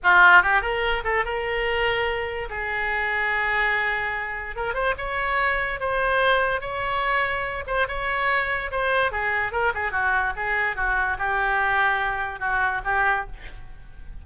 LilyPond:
\new Staff \with { instrumentName = "oboe" } { \time 4/4 \tempo 4 = 145 f'4 g'8 ais'4 a'8 ais'4~ | ais'2 gis'2~ | gis'2. ais'8 c''8 | cis''2 c''2 |
cis''2~ cis''8 c''8 cis''4~ | cis''4 c''4 gis'4 ais'8 gis'8 | fis'4 gis'4 fis'4 g'4~ | g'2 fis'4 g'4 | }